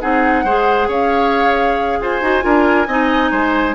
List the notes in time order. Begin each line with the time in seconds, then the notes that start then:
0.00 C4 D#4 G#4 F#5
0.44 G#3 G#4 C5
0.88 C#4 C#5 F5
2.00 F4 C5 G#5
2.21 D#4 F#4
2.41 D4 F4 A#4
2.87 C4 D#4 D#5
3.31 G#3 C5